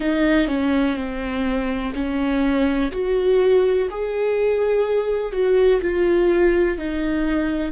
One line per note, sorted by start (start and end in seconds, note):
0.00 0.47 D#4
0.48 0.95 C#4
0.95 1.92 C4
1.94 2.91 C#4
2.91 3.88 F#4
3.90 5.32 G#4
5.32 5.81 F#4
5.81 6.77 F4
6.77 7.72 D#4